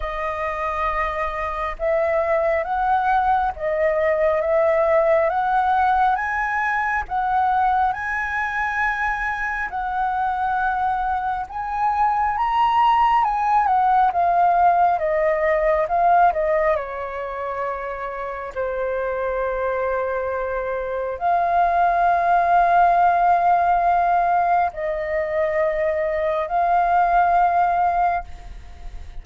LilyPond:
\new Staff \with { instrumentName = "flute" } { \time 4/4 \tempo 4 = 68 dis''2 e''4 fis''4 | dis''4 e''4 fis''4 gis''4 | fis''4 gis''2 fis''4~ | fis''4 gis''4 ais''4 gis''8 fis''8 |
f''4 dis''4 f''8 dis''8 cis''4~ | cis''4 c''2. | f''1 | dis''2 f''2 | }